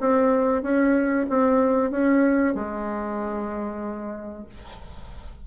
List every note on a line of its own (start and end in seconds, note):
0.00 0.62 C4
0.62 1.26 C#4
1.30 1.91 C4
1.91 2.55 C#4
2.55 4.46 G#3